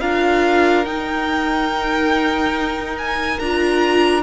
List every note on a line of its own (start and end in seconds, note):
0.00 0.85 D4
0.00 0.85 F4
0.00 4.22 A#4
0.00 0.85 F5
0.85 3.38 D#4
0.85 3.39 D#4
0.85 2.96 G5
2.98 3.39 G#5
3.39 4.22 D4
3.39 4.22 F4
3.39 4.22 A#5